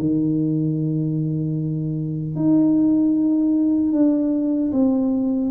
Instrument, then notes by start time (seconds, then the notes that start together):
tuba
0.00 D#3
2.36 D#4
3.93 D4
4.73 C4